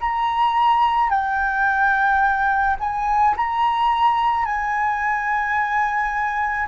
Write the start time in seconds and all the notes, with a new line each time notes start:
0.00 A#5
1.10 G5
2.80 G#5
3.36 A#5
4.45 G#5